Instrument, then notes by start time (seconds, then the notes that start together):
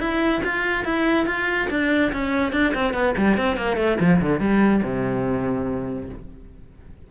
cello
0.00 E4
0.44 F4
0.85 E4
1.27 F4
1.71 D4
2.13 C#4
2.53 D4
2.75 C4
2.94 B3
3.18 G3
3.38 C4
3.57 A#3
3.77 A3
4.00 F3
4.22 D3
4.41 G3
4.84 C3